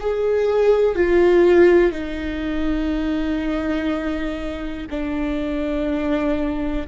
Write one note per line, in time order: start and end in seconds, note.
0.00 0.96 G#4
0.96 1.92 F4
1.92 4.87 D#4
4.90 6.87 D4